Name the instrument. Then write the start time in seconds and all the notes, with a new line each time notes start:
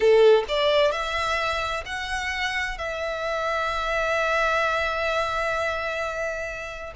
violin
0.00 A4
0.48 D5
0.91 E5
1.85 F#5
2.77 E5